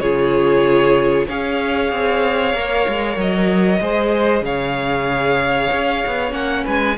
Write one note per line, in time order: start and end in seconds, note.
0.00 1.27 C#3
0.00 1.28 F4
0.00 1.28 G#4
0.00 1.26 C#5
1.28 1.92 C#4
1.28 2.55 G#4
1.28 3.81 C#5
1.28 3.19 F5
1.92 2.54 C4
2.54 2.86 A#3
2.54 3.81 A#4
2.89 3.17 G#3
3.17 3.80 F#3
3.17 4.45 D#5
3.81 4.42 G#3
3.81 6.31 G#4
3.81 4.44 C5
4.42 5.68 C#3
4.42 6.64 C#5
4.42 6.33 F5
5.73 6.05 C#4
6.07 6.32 B3
6.31 6.64 A#3
6.31 6.94 C#4
6.31 6.64 F#5
6.64 6.99 G#3
6.64 6.96 B4
6.64 6.99 G#5